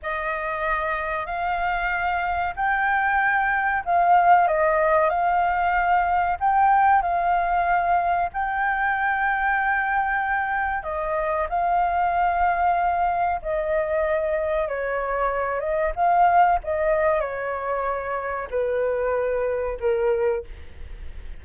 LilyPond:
\new Staff \with { instrumentName = "flute" } { \time 4/4 \tempo 4 = 94 dis''2 f''2 | g''2 f''4 dis''4 | f''2 g''4 f''4~ | f''4 g''2.~ |
g''4 dis''4 f''2~ | f''4 dis''2 cis''4~ | cis''8 dis''8 f''4 dis''4 cis''4~ | cis''4 b'2 ais'4 | }